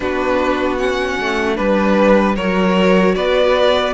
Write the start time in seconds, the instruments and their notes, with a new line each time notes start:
0.00 cello B3, viola D4, violin F#4 B4
0.77 viola C#4, violin F#5
1.19 cello A3
1.55 cello G3, viola D4, violin B4
2.35 cello F#3, viola F#4, violin A#4 C#5
3.15 cello B3, violin B4 D5